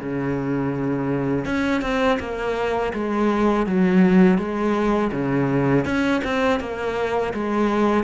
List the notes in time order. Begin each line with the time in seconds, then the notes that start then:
0.00 C#3
1.46 C#4
1.82 C4
2.20 A#3
2.94 G#3
3.67 F#3
4.38 G#3
5.12 C#3
5.85 C#4
6.24 C4
6.60 A#3
7.34 G#3